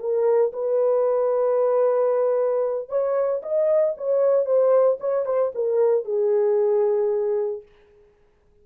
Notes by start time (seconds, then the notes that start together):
0.00 A#4
0.53 B4
2.89 C#5
3.43 D#5
3.98 C#5
4.46 C5
5.00 C#5
5.26 C5
5.55 A#4
6.05 G#4